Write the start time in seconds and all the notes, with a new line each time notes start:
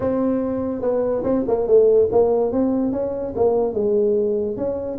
0.00 C4
0.81 B3
1.23 C4
1.47 A#3
1.67 A3
2.11 A#3
2.52 C4
2.92 C#4
3.35 A#3
3.73 G#3
4.56 C#4